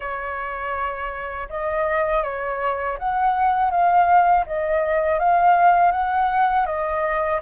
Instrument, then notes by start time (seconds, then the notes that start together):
flute
0.00 C#5
1.49 D#5
2.23 C#5
2.98 F#5
3.70 F5
4.46 D#5
5.19 F5
5.91 F#5
6.66 D#5